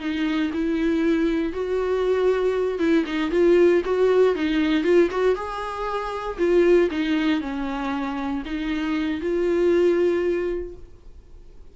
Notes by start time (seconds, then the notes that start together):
0.00 D#4
0.54 E4
1.53 F#4
2.79 E4
3.06 D#4
3.31 F4
3.85 F#4
4.36 D#4
4.84 F4
5.11 F#4
5.35 G#4
6.38 F4
6.91 D#4
7.41 C#4
8.46 D#4
9.21 F4